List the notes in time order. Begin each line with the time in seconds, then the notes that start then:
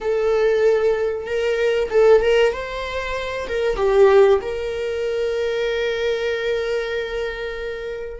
0.00 A4
1.25 A#4
1.90 A4
2.21 A#4
2.53 C5
3.47 A#4
3.76 G4
4.41 A#4